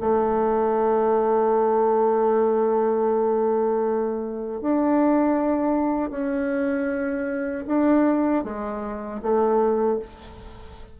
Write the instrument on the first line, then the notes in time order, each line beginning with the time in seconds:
bassoon
0.00 A3
4.61 D4
6.10 C#4
7.67 D4
8.44 G#3
9.22 A3